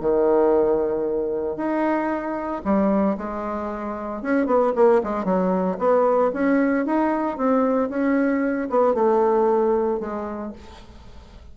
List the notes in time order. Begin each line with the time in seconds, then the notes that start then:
0.00 D#3
1.56 D#4
2.64 G3
3.17 G#3
4.22 C#4
4.46 B3
4.75 A#3
5.03 G#3
5.24 F#3
5.78 B3
6.33 C#4
6.86 D#4
7.37 C4
7.89 C#4
8.69 B3
8.94 A3
10.00 G#3